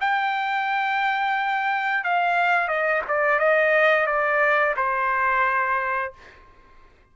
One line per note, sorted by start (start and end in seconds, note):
0.00 2.04 G5
2.04 2.67 F5
2.67 3.02 D#5
3.07 3.39 D5
3.39 4.06 D#5
4.06 4.74 D5
4.76 6.12 C5